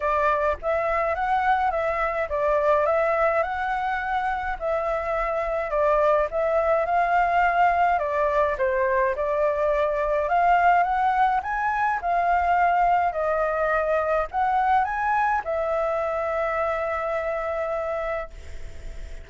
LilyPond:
\new Staff \with { instrumentName = "flute" } { \time 4/4 \tempo 4 = 105 d''4 e''4 fis''4 e''4 | d''4 e''4 fis''2 | e''2 d''4 e''4 | f''2 d''4 c''4 |
d''2 f''4 fis''4 | gis''4 f''2 dis''4~ | dis''4 fis''4 gis''4 e''4~ | e''1 | }